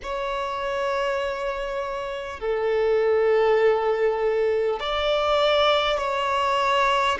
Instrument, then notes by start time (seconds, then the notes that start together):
violin
0.03 C#5
2.40 A4
4.79 D5
5.97 C#5